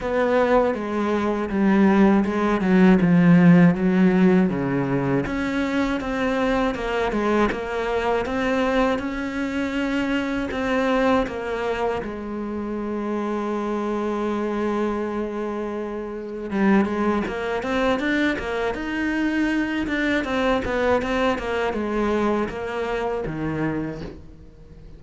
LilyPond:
\new Staff \with { instrumentName = "cello" } { \time 4/4 \tempo 4 = 80 b4 gis4 g4 gis8 fis8 | f4 fis4 cis4 cis'4 | c'4 ais8 gis8 ais4 c'4 | cis'2 c'4 ais4 |
gis1~ | gis2 g8 gis8 ais8 c'8 | d'8 ais8 dis'4. d'8 c'8 b8 | c'8 ais8 gis4 ais4 dis4 | }